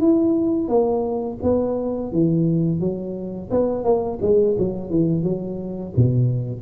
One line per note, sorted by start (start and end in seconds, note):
0.00 0.68 E4
0.68 1.38 A#3
1.43 2.12 B3
2.12 2.80 E3
2.80 3.49 F#3
3.51 3.84 B3
3.84 4.19 A#3
4.21 4.56 G#3
4.58 4.90 F#3
4.90 5.23 E3
5.23 5.93 F#3
5.96 6.61 B2